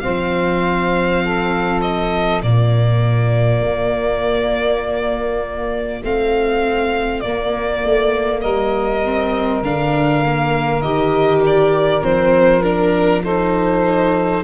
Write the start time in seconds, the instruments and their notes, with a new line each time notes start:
0.00 tuba F3, viola C4, saxophone C5, violin F5
1.24 saxophone A4
1.81 violin D#5
2.42 tuba A#2, viola A#3, saxophone F4, violin D5
3.61 tuba A#3
6.03 tuba A3, viola C4, violin F5
7.20 tuba A#3, viola A#3, violin D5
7.84 tuba A3
8.41 tuba G3, saxophone A#4, violin D#5
9.05 viola C4
9.62 tuba D3, viola D4, violin F5
10.25 viola A#3
10.81 tuba D#3, viola G4, violin D#5
11.46 violin D5
12.02 tuba F3, viola C4, violin C5
12.62 viola D4, violin A#4
13.23 viola D#4, saxophone A4, violin C5